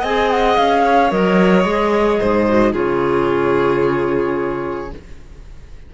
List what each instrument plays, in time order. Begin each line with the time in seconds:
0.00 cello C4, clarinet G#4, violin D#5, flute G#5
0.31 flute F#5
0.57 cello C#4, flute F5
0.84 violin C#5
1.10 cello F#3, clarinet A#4, flute D#5
1.65 cello G#3, clarinet G#4
2.20 cello G#2, violin C5
2.48 clarinet F#4
2.72 cello C#3, clarinet F4, violin G#4, flute C#5